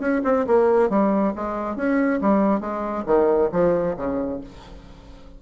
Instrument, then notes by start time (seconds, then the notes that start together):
bassoon
0.00 C#4
0.24 C4
0.47 A#3
0.90 G3
1.36 G#3
1.76 C#4
2.22 G3
2.61 G#3
3.06 D#3
3.52 F3
3.97 C#3